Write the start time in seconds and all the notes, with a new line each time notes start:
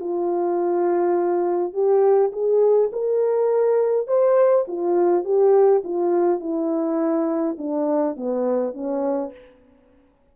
0.00 F4
1.73 G4
2.33 G#4
2.93 A#4
4.07 C5
4.68 F4
5.25 G4
5.84 F4
6.40 E4
7.58 D4
8.16 B3
8.74 C#4